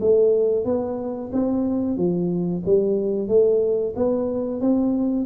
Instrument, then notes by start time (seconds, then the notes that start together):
tuba
0.00 A3
0.65 B3
1.32 C4
1.97 F3
2.65 G3
3.28 A3
3.96 B3
4.60 C4